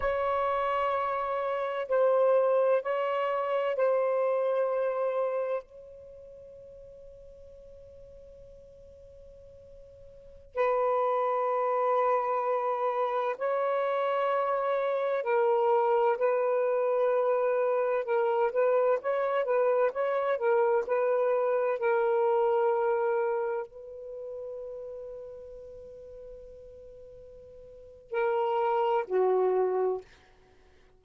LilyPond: \new Staff \with { instrumentName = "saxophone" } { \time 4/4 \tempo 4 = 64 cis''2 c''4 cis''4 | c''2 cis''2~ | cis''2.~ cis''16 b'8.~ | b'2~ b'16 cis''4.~ cis''16~ |
cis''16 ais'4 b'2 ais'8 b'16~ | b'16 cis''8 b'8 cis''8 ais'8 b'4 ais'8.~ | ais'4~ ais'16 b'2~ b'8.~ | b'2 ais'4 fis'4 | }